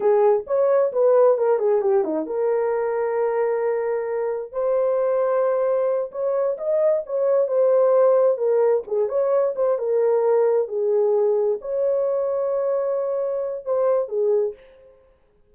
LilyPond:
\new Staff \with { instrumentName = "horn" } { \time 4/4 \tempo 4 = 132 gis'4 cis''4 b'4 ais'8 gis'8 | g'8 dis'8 ais'2.~ | ais'2 c''2~ | c''4. cis''4 dis''4 cis''8~ |
cis''8 c''2 ais'4 gis'8 | cis''4 c''8 ais'2 gis'8~ | gis'4. cis''2~ cis''8~ | cis''2 c''4 gis'4 | }